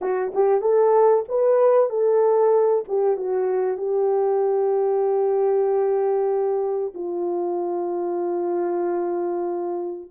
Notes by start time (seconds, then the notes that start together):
0.01 F#4
0.34 G4
0.61 A4
1.28 B4
1.89 A4
2.87 G4
3.16 F#4
3.77 G4
6.94 F4